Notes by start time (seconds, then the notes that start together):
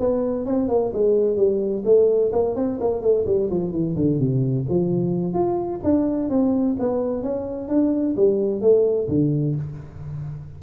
0.00 B3
0.46 C4
0.69 A#3
0.94 G#3
1.37 G3
1.85 A3
2.33 A#3
2.56 C4
2.81 A#3
3.02 A3
3.27 G3
3.51 F3
3.72 E3
3.96 D3
4.20 C3
4.70 F3
5.34 F4
5.84 D4
6.30 C4
6.79 B3
7.23 C#4
7.69 D4
8.17 G3
8.61 A3
9.09 D3